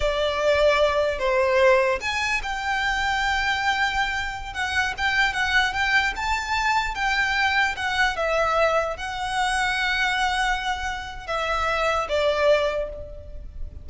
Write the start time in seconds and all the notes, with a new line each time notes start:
0.00 D5
1.18 C5
2.00 G#5
2.43 G5
4.53 F#5
4.97 G5
5.33 F#5
5.73 G5
6.16 A5
6.94 G5
7.76 F#5
8.16 E5
8.97 F#5
11.27 E5
12.08 D5